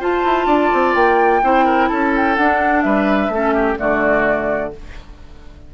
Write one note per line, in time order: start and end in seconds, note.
0.00 0.24 F4
0.00 1.42 F4
0.00 0.47 C5
0.00 0.94 A5
0.25 0.46 E4
0.46 0.70 D4
0.46 1.41 D5
0.74 0.95 C4
0.94 1.42 A#3
0.94 1.88 G5
1.43 1.90 C4
1.43 2.37 E4
1.43 1.65 C5
1.65 1.89 A#4
1.88 2.38 C#4
1.88 2.84 A4
1.88 2.12 A5
2.16 2.36 G5
2.36 2.84 D4
2.36 3.33 D4
2.36 2.82 F#5
2.82 3.29 G3
2.82 3.32 B4
2.82 3.76 E5
3.29 3.76 A3
3.29 3.77 C#4
3.29 3.54 A4
3.54 3.78 G4
3.77 4.74 D3
3.77 4.71 A3
3.77 4.74 F#4
3.77 4.73 D5